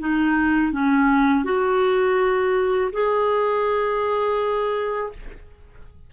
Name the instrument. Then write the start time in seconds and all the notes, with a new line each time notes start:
clarinet
0.00 D#4
0.73 C#4
1.44 F#4
2.93 G#4